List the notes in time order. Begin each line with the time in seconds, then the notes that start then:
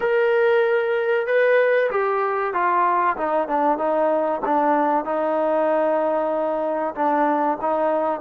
0.00 A#4
1.26 B4
1.90 G4
2.53 F4
3.16 D#4
3.48 D4
3.78 D#4
4.45 D4
5.04 D#4
6.94 D4
7.61 D#4